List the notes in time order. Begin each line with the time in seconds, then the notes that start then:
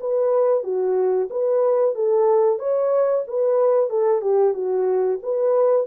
0.00 B4
0.63 F#4
1.30 B4
1.95 A4
2.59 C#5
3.27 B4
3.90 A4
4.21 G4
4.53 F#4
5.23 B4